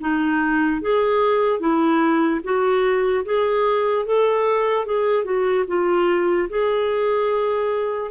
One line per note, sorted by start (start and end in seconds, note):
0.00 0.81 D#4
0.81 1.59 G#4
1.59 2.40 E4
2.43 3.24 F#4
3.25 4.05 G#4
4.05 4.85 A4
4.85 5.24 G#4
5.24 5.64 F#4
5.67 6.48 F4
6.49 8.11 G#4